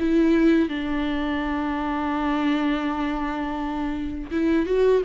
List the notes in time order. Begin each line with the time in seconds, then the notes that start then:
0.00 E4
0.69 D4
4.32 E4
4.67 F#4